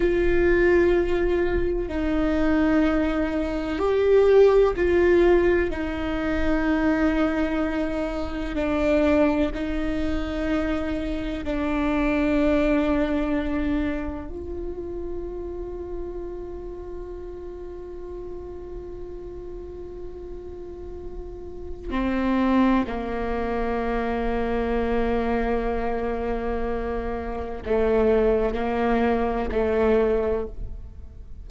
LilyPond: \new Staff \with { instrumentName = "viola" } { \time 4/4 \tempo 4 = 63 f'2 dis'2 | g'4 f'4 dis'2~ | dis'4 d'4 dis'2 | d'2. f'4~ |
f'1~ | f'2. c'4 | ais1~ | ais4 a4 ais4 a4 | }